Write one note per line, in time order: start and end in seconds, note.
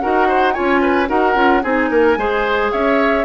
0.00 0.58 D#4
0.00 0.53 F#4
0.00 0.28 A#4
0.00 0.53 F#5
0.28 0.54 C5
0.53 1.09 C#4
0.53 1.07 F4
0.53 0.81 C#5
0.53 1.07 G#5
0.81 1.08 B4
1.07 1.35 D#4
1.07 1.34 F#4
1.07 1.63 A#4
1.07 1.63 F#5
1.35 1.62 C#4
1.35 1.62 F4
1.63 1.90 C4
1.63 2.17 D#4
1.63 1.90 G#4
1.63 2.72 G#5
1.90 2.17 A#3
1.90 2.18 A#4
2.17 2.71 G#3
2.17 3.25 G#4
2.17 2.72 C5
2.72 3.25 C#4
2.72 3.25 C#5
2.72 3.25 E5